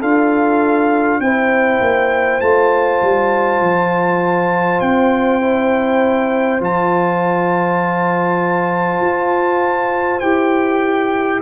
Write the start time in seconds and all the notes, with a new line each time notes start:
0.00 D4 F4 A4 F5
1.20 C4 E4 C5 G5
1.80 A#3
2.41 A3 F4 A5
3.02 G3
3.60 F3
4.80 C4 G5
5.41 E4
6.60 F3 F4 A5
9.01 F4
10.20 E4 G4 G5